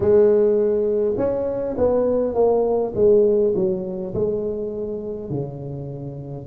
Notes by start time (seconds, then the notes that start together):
0.00 G#3
1.17 C#4
1.77 B3
2.34 A#3
2.95 G#3
3.55 F#3
4.14 G#3
5.30 C#3